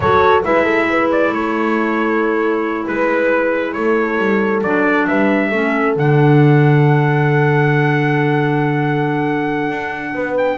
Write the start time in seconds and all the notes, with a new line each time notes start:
0.00 F#3 F#4 A4 C#5
0.43 G#3 E4 B4 E5
0.63 A4
0.89 B4
1.11 D5
1.29 A3 A4 C#5
2.86 G#3 B4
3.73 A3 A4 C#5
4.18 G3
4.62 F#3 D4 D5
5.07 G3 B4 E5
5.49 A3 C#4 A4
5.96 D3 D4 F#5
9.69 D4
10.14 B3 B4
10.37 G5